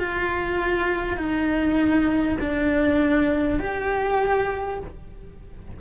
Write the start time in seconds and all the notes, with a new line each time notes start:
0.00 F4
1.18 D#4
2.41 D4
3.60 G4